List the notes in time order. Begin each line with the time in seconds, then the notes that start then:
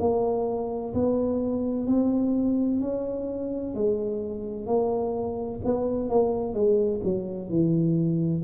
0.00 A#3
0.94 B3
1.87 C4
2.81 C#4
3.75 G#3
4.66 A#3
5.65 B3
6.09 A#3
6.54 G#3
7.04 F#3
7.50 E3